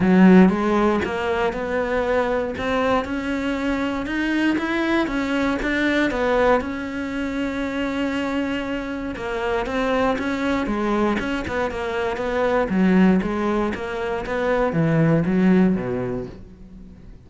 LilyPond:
\new Staff \with { instrumentName = "cello" } { \time 4/4 \tempo 4 = 118 fis4 gis4 ais4 b4~ | b4 c'4 cis'2 | dis'4 e'4 cis'4 d'4 | b4 cis'2.~ |
cis'2 ais4 c'4 | cis'4 gis4 cis'8 b8 ais4 | b4 fis4 gis4 ais4 | b4 e4 fis4 b,4 | }